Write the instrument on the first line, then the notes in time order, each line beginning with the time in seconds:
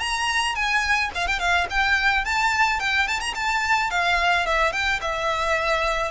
violin
0.00 A#5
0.56 G#5
1.15 F5
1.28 G5
1.39 F5
1.70 G5
2.25 A5
2.80 G5
3.08 A5
3.20 A#5
3.35 A5
3.91 F5
4.46 E5
4.73 G5
5.02 E5